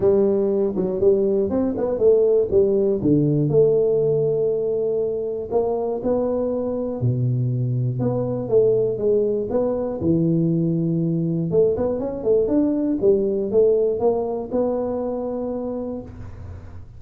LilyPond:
\new Staff \with { instrumentName = "tuba" } { \time 4/4 \tempo 4 = 120 g4. fis8 g4 c'8 b8 | a4 g4 d4 a4~ | a2. ais4 | b2 b,2 |
b4 a4 gis4 b4 | e2. a8 b8 | cis'8 a8 d'4 g4 a4 | ais4 b2. | }